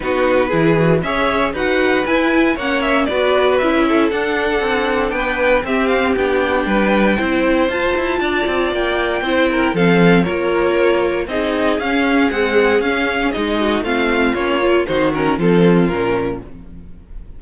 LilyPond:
<<
  \new Staff \with { instrumentName = "violin" } { \time 4/4 \tempo 4 = 117 b'2 e''4 fis''4 | gis''4 fis''8 e''8 d''4 e''4 | fis''2 g''4 e''8 f''8 | g''2. a''4~ |
a''4 g''2 f''4 | cis''2 dis''4 f''4 | fis''4 f''4 dis''4 f''4 | cis''4 c''8 ais'8 a'4 ais'4 | }
  \new Staff \with { instrumentName = "violin" } { \time 4/4 fis'4 gis'4 cis''4 b'4~ | b'4 cis''4 b'4. a'8~ | a'2 b'4 g'4~ | g'4 b'4 c''2 |
d''2 c''8 ais'8 a'4 | ais'2 gis'2~ | gis'2~ gis'8 fis'8 f'4~ | f'4 fis'4 f'2 | }
  \new Staff \with { instrumentName = "viola" } { \time 4/4 dis'4 e'8 fis'8 gis'4 fis'4 | e'4 cis'4 fis'4 e'4 | d'2. c'4 | d'2 e'4 f'4~ |
f'2 e'4 c'4 | f'2 dis'4 cis'4 | gis4 cis'4 dis'4 c'4 | cis'8 f'8 dis'8 cis'8 c'4 cis'4 | }
  \new Staff \with { instrumentName = "cello" } { \time 4/4 b4 e4 cis'4 dis'4 | e'4 ais4 b4 cis'4 | d'4 c'4 b4 c'4 | b4 g4 c'4 f'8 e'8 |
d'8 c'8 ais4 c'4 f4 | ais2 c'4 cis'4 | c'4 cis'4 gis4 a4 | ais4 dis4 f4 ais,4 | }
>>